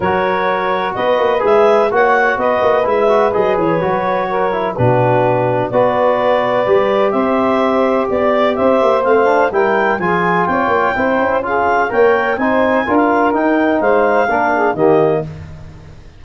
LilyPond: <<
  \new Staff \with { instrumentName = "clarinet" } { \time 4/4 \tempo 4 = 126 cis''2 dis''4 e''4 | fis''4 dis''4 e''4 dis''8 cis''8~ | cis''2 b'2 | d''2. e''4~ |
e''4 d''4 e''4 f''4 | g''4 gis''4 g''2 | f''4 g''4 gis''4~ gis''16 f''8. | g''4 f''2 dis''4 | }
  \new Staff \with { instrumentName = "saxophone" } { \time 4/4 ais'2 b'2 | cis''4 b'2.~ | b'4 ais'4 fis'2 | b'2. c''4~ |
c''4 d''4 c''2 | ais'4 gis'4 cis''4 c''4 | gis'4 cis''4 c''4 ais'4~ | ais'4 c''4 ais'8 gis'8 g'4 | }
  \new Staff \with { instrumentName = "trombone" } { \time 4/4 fis'2. gis'4 | fis'2 e'8 fis'8 gis'4 | fis'4. e'8 d'2 | fis'2 g'2~ |
g'2. c'8 d'8 | e'4 f'2 e'4 | f'4 ais'4 dis'4 f'4 | dis'2 d'4 ais4 | }
  \new Staff \with { instrumentName = "tuba" } { \time 4/4 fis2 b8 ais8 gis4 | ais4 b8 ais8 gis4 fis8 e8 | fis2 b,2 | b2 g4 c'4~ |
c'4 b4 c'8 ais8 a4 | g4 f4 c'8 ais8 c'8 cis'8~ | cis'4 ais4 c'4 d'4 | dis'4 gis4 ais4 dis4 | }
>>